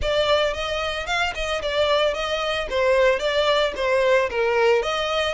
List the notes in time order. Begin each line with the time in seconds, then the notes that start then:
0.01 D5
0.53 D#5
1.06 F5
1.35 D#5
1.61 D5
2.14 D#5
2.70 C5
3.19 D5
3.75 C5
4.30 A#4
4.82 D#5